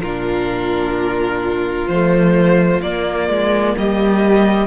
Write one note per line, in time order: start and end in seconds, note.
0.00 1.87 A#2
0.00 1.91 D4
0.00 3.76 F4
0.00 1.87 A#4
1.87 2.81 F3
1.87 2.84 A3
1.87 2.81 C5
2.81 3.28 A#3
2.81 4.67 A#3
2.81 3.75 D5
3.28 3.75 G#3
3.76 4.67 G3
3.76 4.67 G4
3.76 4.67 D#5